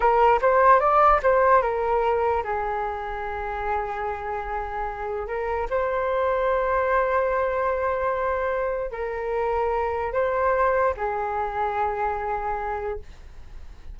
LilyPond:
\new Staff \with { instrumentName = "flute" } { \time 4/4 \tempo 4 = 148 ais'4 c''4 d''4 c''4 | ais'2 gis'2~ | gis'1~ | gis'4 ais'4 c''2~ |
c''1~ | c''2 ais'2~ | ais'4 c''2 gis'4~ | gis'1 | }